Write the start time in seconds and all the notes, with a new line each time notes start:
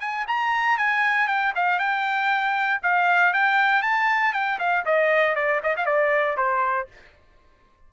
0.00 G#5
0.28 A#5
0.78 G#5
1.28 G5
1.56 F5
1.79 G5
2.82 F5
3.33 G5
3.82 A5
4.33 G5
4.59 F5
4.85 D#5
5.35 D5
5.63 D#5
5.77 F5
5.86 D5
6.37 C5